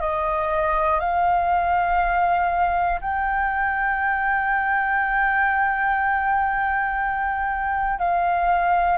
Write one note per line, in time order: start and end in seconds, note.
0.00 0.99 D#5
0.99 2.99 F5
3.01 7.99 G5
7.99 8.97 F5